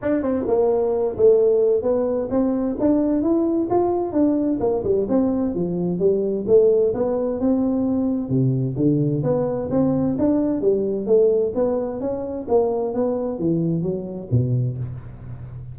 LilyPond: \new Staff \with { instrumentName = "tuba" } { \time 4/4 \tempo 4 = 130 d'8 c'8 ais4. a4. | b4 c'4 d'4 e'4 | f'4 d'4 ais8 g8 c'4 | f4 g4 a4 b4 |
c'2 c4 d4 | b4 c'4 d'4 g4 | a4 b4 cis'4 ais4 | b4 e4 fis4 b,4 | }